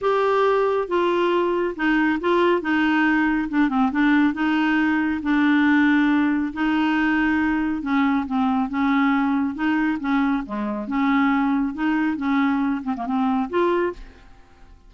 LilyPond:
\new Staff \with { instrumentName = "clarinet" } { \time 4/4 \tempo 4 = 138 g'2 f'2 | dis'4 f'4 dis'2 | d'8 c'8 d'4 dis'2 | d'2. dis'4~ |
dis'2 cis'4 c'4 | cis'2 dis'4 cis'4 | gis4 cis'2 dis'4 | cis'4. c'16 ais16 c'4 f'4 | }